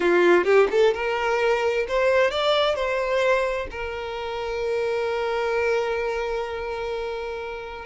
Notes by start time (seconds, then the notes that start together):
0.00 F4
0.44 G4
0.70 A4
0.94 A#4
1.88 C5
2.31 D5
2.75 C5
3.70 A#4